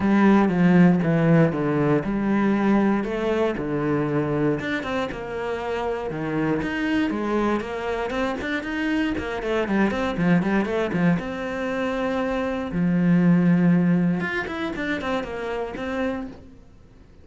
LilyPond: \new Staff \with { instrumentName = "cello" } { \time 4/4 \tempo 4 = 118 g4 f4 e4 d4 | g2 a4 d4~ | d4 d'8 c'8 ais2 | dis4 dis'4 gis4 ais4 |
c'8 d'8 dis'4 ais8 a8 g8 c'8 | f8 g8 a8 f8 c'2~ | c'4 f2. | f'8 e'8 d'8 c'8 ais4 c'4 | }